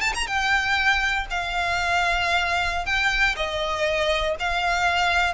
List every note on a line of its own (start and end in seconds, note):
0.00 0.12 A5
0.14 0.27 A#5
0.27 1.26 G5
1.30 2.85 F5
2.85 3.35 G5
3.36 4.35 D#5
4.39 5.34 F5